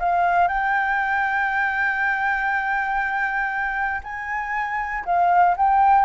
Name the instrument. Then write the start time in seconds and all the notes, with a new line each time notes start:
flute
0.00 F5
0.49 G5
4.04 G#5
5.06 F5
5.57 G5